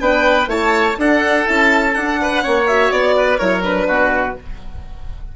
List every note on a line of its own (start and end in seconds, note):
0.00 0.47 B3
0.00 0.48 D4
0.00 0.49 B4
0.00 0.49 G5
0.47 0.96 A3
0.47 0.96 E4
0.47 0.98 C#5
0.47 0.99 A5
0.98 1.46 D4
0.98 2.21 A4
0.98 1.48 F#5
1.46 1.96 C#4
1.46 1.94 E4
1.46 1.95 A5
1.95 2.41 D4
1.95 2.44 D4
1.95 2.67 F#5
2.22 2.43 B4
2.41 2.91 A#3
2.41 2.65 C#4
2.41 3.16 C#5
2.68 3.40 F#4
2.68 2.92 E5
2.91 3.39 B3
2.91 3.38 D5
3.17 3.39 B4
3.38 3.87 F#3
3.38 3.62 E4
3.38 3.87 A#4
3.38 3.62 C#5
3.62 4.35 D4
3.62 4.36 B4
3.87 4.35 B2
3.87 4.36 F#4